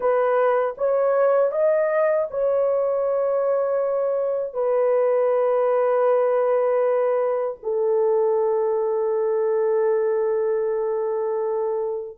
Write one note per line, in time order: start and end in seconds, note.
0.00 0.74 B4
0.77 1.51 C#5
1.51 2.27 D#5
2.30 4.53 C#5
4.53 7.57 B4
7.62 12.17 A4